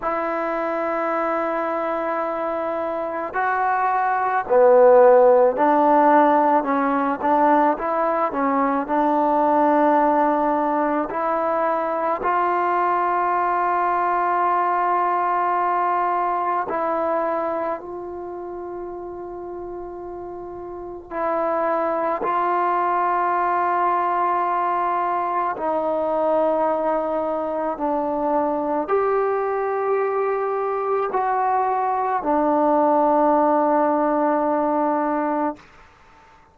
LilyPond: \new Staff \with { instrumentName = "trombone" } { \time 4/4 \tempo 4 = 54 e'2. fis'4 | b4 d'4 cis'8 d'8 e'8 cis'8 | d'2 e'4 f'4~ | f'2. e'4 |
f'2. e'4 | f'2. dis'4~ | dis'4 d'4 g'2 | fis'4 d'2. | }